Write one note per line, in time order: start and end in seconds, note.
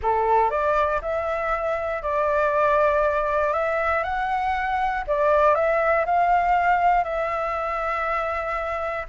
0.02 0.50 A4
0.50 1.00 D5
1.01 2.02 E5
2.02 3.53 D5
3.53 4.03 E5
4.03 5.04 F#5
5.07 5.54 D5
5.54 6.05 E5
6.05 7.03 F5
7.03 9.05 E5